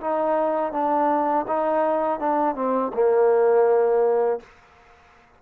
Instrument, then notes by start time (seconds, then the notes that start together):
trombone
0.00 D#4
0.72 D4
1.47 D#4
2.20 D4
2.55 C4
2.93 A#3